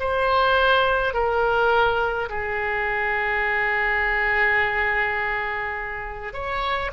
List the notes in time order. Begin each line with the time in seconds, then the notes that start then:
0.00 C5
1.14 A#4
2.30 G#4
6.34 C#5